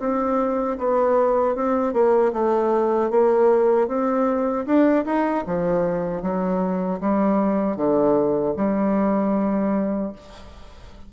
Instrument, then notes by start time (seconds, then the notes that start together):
bassoon
0.00 C4
0.78 B3
1.55 C4
1.93 A#3
2.33 A3
3.11 A#3
3.88 C4
4.66 D4
5.06 D#4
5.47 F3
6.22 F#3
7.01 G3
7.77 D3
8.57 G3